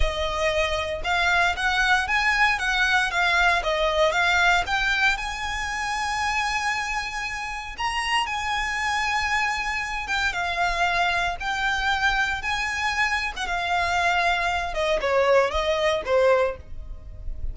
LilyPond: \new Staff \with { instrumentName = "violin" } { \time 4/4 \tempo 4 = 116 dis''2 f''4 fis''4 | gis''4 fis''4 f''4 dis''4 | f''4 g''4 gis''2~ | gis''2. ais''4 |
gis''2.~ gis''8 g''8 | f''2 g''2 | gis''4.~ gis''16 fis''16 f''2~ | f''8 dis''8 cis''4 dis''4 c''4 | }